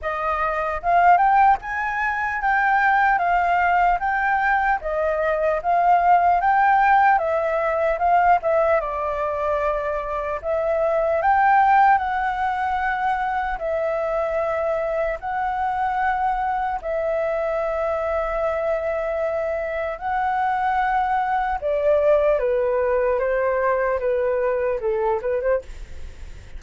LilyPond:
\new Staff \with { instrumentName = "flute" } { \time 4/4 \tempo 4 = 75 dis''4 f''8 g''8 gis''4 g''4 | f''4 g''4 dis''4 f''4 | g''4 e''4 f''8 e''8 d''4~ | d''4 e''4 g''4 fis''4~ |
fis''4 e''2 fis''4~ | fis''4 e''2.~ | e''4 fis''2 d''4 | b'4 c''4 b'4 a'8 b'16 c''16 | }